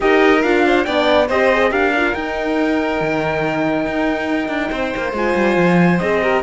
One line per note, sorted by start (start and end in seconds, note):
0.00 0.43 D#4
0.00 0.42 G4
0.00 0.65 A#4
0.00 0.42 D#5
0.42 0.86 D4
0.42 0.86 F4
0.42 0.84 F5
0.65 0.85 C5
0.84 1.29 B3
0.84 1.29 D4
0.84 1.27 D5
0.84 1.27 G5
1.27 1.71 C4
1.27 1.52 G4
1.27 1.70 C5
1.27 1.72 D#5
1.52 1.70 G#4
1.70 2.14 D4
1.70 1.91 G4
1.70 4.71 A#4
1.70 2.14 F5
1.96 2.14 F4
2.14 5.14 D#4
2.14 3.00 D#4
2.14 5.14 G5
3.00 3.85 D#3
3.85 4.48 D#4
4.48 4.69 D4
4.71 4.93 C4
4.71 6.21 C5
4.96 5.12 A#3
5.12 5.34 G#3
5.12 6.00 F4
5.12 5.99 G#5
5.35 5.56 G3
5.56 5.99 F3
5.99 6.42 C4
5.99 6.22 G#4
5.99 6.41 D#5
6.22 6.42 G4
6.22 6.42 A#4